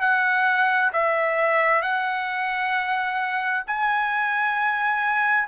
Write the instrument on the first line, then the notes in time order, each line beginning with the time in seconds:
trumpet
0.00 F#5
0.93 E5
1.82 F#5
3.67 G#5